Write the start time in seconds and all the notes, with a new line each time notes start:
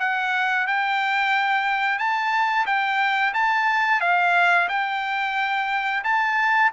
0.00 F#5
0.67 G5
1.99 A5
2.67 G5
3.34 A5
4.01 F5
4.69 G5
6.05 A5